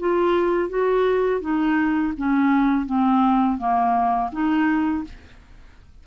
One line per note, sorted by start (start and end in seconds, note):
0.00 0.69 F4
0.69 1.41 F#4
1.41 2.14 D#4
2.18 2.87 C#4
2.87 3.58 C4
3.58 4.31 A#3
4.32 5.04 D#4